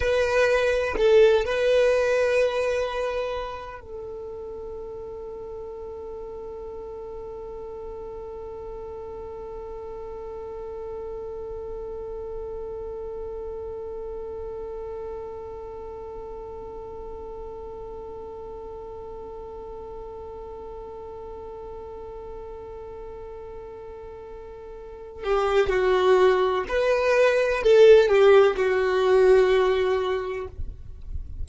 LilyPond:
\new Staff \with { instrumentName = "violin" } { \time 4/4 \tempo 4 = 63 b'4 a'8 b'2~ b'8 | a'1~ | a'1~ | a'1~ |
a'1~ | a'1~ | a'2~ a'8 g'8 fis'4 | b'4 a'8 g'8 fis'2 | }